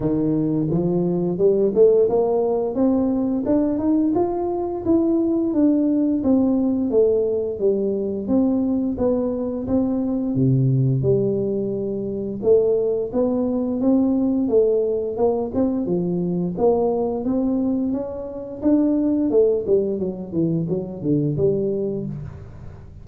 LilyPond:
\new Staff \with { instrumentName = "tuba" } { \time 4/4 \tempo 4 = 87 dis4 f4 g8 a8 ais4 | c'4 d'8 dis'8 f'4 e'4 | d'4 c'4 a4 g4 | c'4 b4 c'4 c4 |
g2 a4 b4 | c'4 a4 ais8 c'8 f4 | ais4 c'4 cis'4 d'4 | a8 g8 fis8 e8 fis8 d8 g4 | }